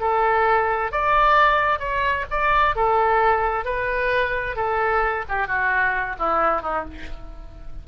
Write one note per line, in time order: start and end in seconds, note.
0.00 0.91 A4
0.91 1.79 D5
1.79 2.25 C#5
2.30 2.76 D5
2.76 3.65 A4
3.65 4.56 B4
4.56 5.25 A4
5.29 5.47 G4
5.47 6.16 F#4
6.19 6.62 E4
6.62 6.85 D#4